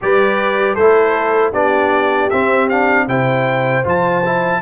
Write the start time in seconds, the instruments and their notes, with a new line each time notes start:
0.01 tuba G3, trombone G4, horn B4, trumpet D5
0.74 tuba A3, trombone E4, horn A4, trumpet C5
1.51 tuba B3, trombone D4, horn G4, trumpet D5
2.29 tuba C4, trombone C4, trumpet E5
2.69 trombone D4, trumpet F5
3.07 tuba C3, trombone E4, horn C5, trumpet G5
3.83 tuba F3, trombone F4, trumpet A5
4.25 trombone E4